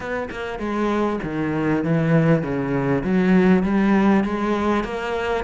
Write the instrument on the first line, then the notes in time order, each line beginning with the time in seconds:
cello
0.00 B3
0.30 A#3
0.59 G#3
1.23 D#3
1.83 E3
2.42 C#3
3.03 F#3
3.63 G3
4.24 G#3
4.84 A#3